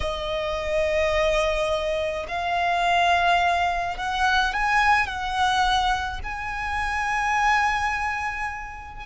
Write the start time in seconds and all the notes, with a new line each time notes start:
0.00 D#5
2.27 F5
3.97 F#5
4.53 G#5
5.06 F#5
6.23 G#5